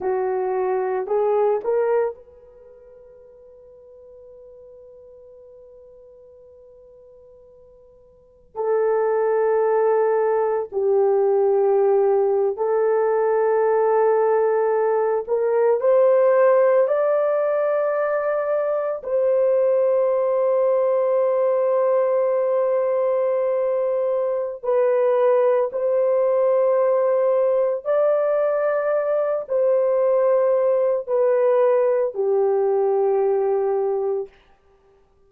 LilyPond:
\new Staff \with { instrumentName = "horn" } { \time 4/4 \tempo 4 = 56 fis'4 gis'8 ais'8 b'2~ | b'1 | a'2 g'4.~ g'16 a'16~ | a'2~ a'16 ais'8 c''4 d''16~ |
d''4.~ d''16 c''2~ c''16~ | c''2. b'4 | c''2 d''4. c''8~ | c''4 b'4 g'2 | }